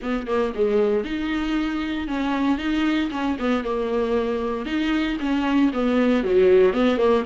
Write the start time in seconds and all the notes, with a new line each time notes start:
0.01 B3
0.27 A#3
0.54 G#3
1.04 D#4
2.07 C#4
2.58 D#4
3.11 C#4
3.39 B3
3.63 A#3
4.65 D#4
5.20 C#4
5.73 B3
6.23 F#3
6.73 B3
6.97 A#3